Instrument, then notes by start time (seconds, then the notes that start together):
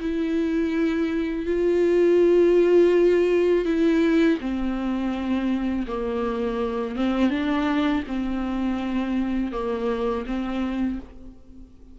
viola
0.00 E4
1.46 F4
3.65 E4
4.40 C4
5.87 A#3
6.95 C4
7.30 D4
8.07 C4
9.52 A#3
10.26 C4